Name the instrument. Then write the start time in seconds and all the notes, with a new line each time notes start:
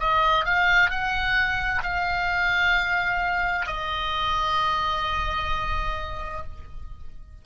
oboe
0.00 D#5
0.45 F5
0.90 F#5
1.83 F5
3.67 D#5